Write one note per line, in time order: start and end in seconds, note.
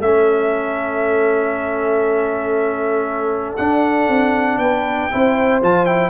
0.00 3.56 A3
0.00 3.58 C#4
0.00 4.62 A4
0.00 3.57 E5
3.57 4.09 D4
3.57 5.11 D4
3.57 4.58 F#5
4.09 4.58 C4
4.58 5.09 B3
4.58 5.12 B4
4.58 5.60 G5
5.11 5.62 C4
5.11 5.62 E4
5.11 6.10 C5
5.62 6.10 F3
5.62 5.87 F4
5.62 5.86 A5
5.86 6.10 E4
5.86 6.10 G5